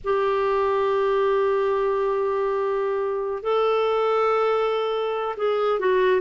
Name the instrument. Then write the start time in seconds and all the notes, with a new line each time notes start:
clarinet
0.04 G4
3.42 A4
5.36 G#4
5.79 F#4